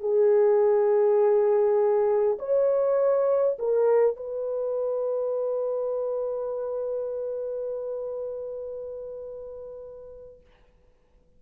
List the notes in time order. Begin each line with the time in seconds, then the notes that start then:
0.00 G#4
2.38 C#5
3.59 A#4
4.16 B4